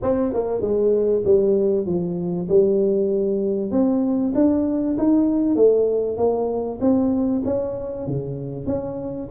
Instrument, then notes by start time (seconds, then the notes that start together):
tuba
0.02 C4
0.33 A#3
0.61 G#3
1.24 G3
1.86 F3
2.49 G3
3.71 C4
4.35 D4
4.98 D#4
5.55 A3
6.17 A#3
6.80 C4
7.45 C#4
8.06 C#3
8.66 C#4